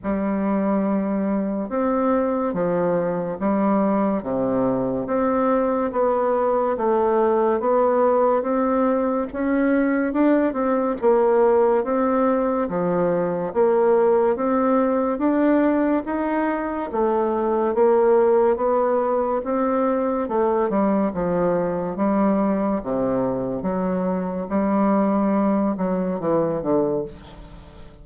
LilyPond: \new Staff \with { instrumentName = "bassoon" } { \time 4/4 \tempo 4 = 71 g2 c'4 f4 | g4 c4 c'4 b4 | a4 b4 c'4 cis'4 | d'8 c'8 ais4 c'4 f4 |
ais4 c'4 d'4 dis'4 | a4 ais4 b4 c'4 | a8 g8 f4 g4 c4 | fis4 g4. fis8 e8 d8 | }